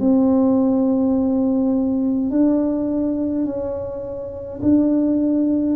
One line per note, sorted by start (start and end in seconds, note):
0.00 2.31 C4
2.31 3.45 D4
3.45 4.60 C#4
4.63 5.76 D4